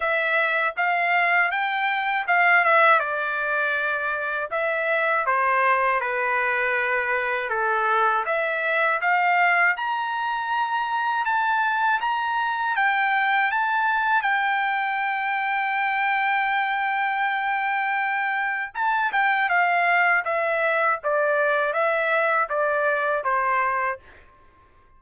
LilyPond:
\new Staff \with { instrumentName = "trumpet" } { \time 4/4 \tempo 4 = 80 e''4 f''4 g''4 f''8 e''8 | d''2 e''4 c''4 | b'2 a'4 e''4 | f''4 ais''2 a''4 |
ais''4 g''4 a''4 g''4~ | g''1~ | g''4 a''8 g''8 f''4 e''4 | d''4 e''4 d''4 c''4 | }